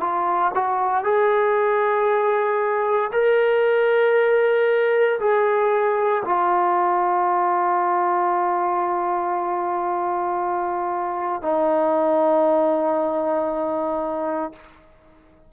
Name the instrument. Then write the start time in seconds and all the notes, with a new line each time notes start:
trombone
0.00 F4
0.55 F#4
1.04 G#4
3.13 A#4
5.20 G#4
6.25 F4
11.42 D#4